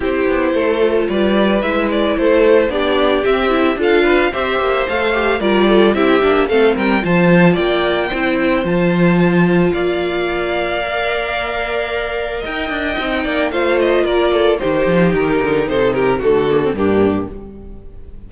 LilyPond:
<<
  \new Staff \with { instrumentName = "violin" } { \time 4/4 \tempo 4 = 111 c''2 d''4 e''8 d''8 | c''4 d''4 e''4 f''4 | e''4 f''4 d''4 e''4 | f''8 g''8 a''4 g''2 |
a''2 f''2~ | f''2. g''4~ | g''4 f''8 dis''8 d''4 c''4 | ais'4 c''8 ais'8 a'4 g'4 | }
  \new Staff \with { instrumentName = "violin" } { \time 4/4 g'4 a'4 b'2 | a'4 g'2 a'8 b'8 | c''2 ais'8 a'8 g'4 | a'8 ais'8 c''4 d''4 c''4~ |
c''2 d''2~ | d''2. dis''4~ | dis''8 d''8 c''4 ais'8 a'8 g'4~ | g'4 a'8 g'8 fis'4 d'4 | }
  \new Staff \with { instrumentName = "viola" } { \time 4/4 e'4. f'4. e'4~ | e'4 d'4 c'8 e'8 f'4 | g'4 a'8 g'8 f'4 e'8 d'8 | c'4 f'2 e'4 |
f'1 | ais'1 | dis'4 f'2 dis'4~ | dis'2 a8 ais16 c'16 ais4 | }
  \new Staff \with { instrumentName = "cello" } { \time 4/4 c'8 b8 a4 g4 gis4 | a4 b4 c'4 d'4 | c'8 ais8 a4 g4 c'8 ais8 | a8 g8 f4 ais4 c'4 |
f2 ais2~ | ais2. dis'8 d'8 | c'8 ais8 a4 ais4 dis8 f8 | dis8 d8 c4 d4 g,4 | }
>>